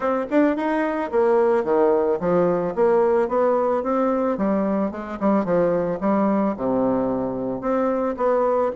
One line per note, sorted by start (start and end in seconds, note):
0.00 0.25 C4
0.30 0.56 D4
0.56 1.11 D#4
1.11 1.64 A#3
1.64 2.18 D#3
2.20 2.74 F3
2.75 3.28 A#3
3.28 3.83 B3
3.83 4.37 C4
4.37 4.91 G3
4.91 5.18 G#3
5.19 5.44 G3
5.44 5.99 F3
6.00 6.55 G3
6.56 7.61 C3
7.61 8.15 C4
8.16 8.71 B3